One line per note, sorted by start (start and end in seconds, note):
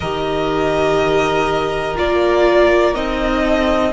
0.00 1.98 D#3
0.00 1.95 G4
0.00 3.43 A#4
0.00 1.96 D#5
1.95 2.95 A#3
1.95 2.93 F4
1.95 2.94 D5
2.93 3.92 C4
2.93 3.92 D#4
2.93 3.92 D#5
3.43 3.92 A4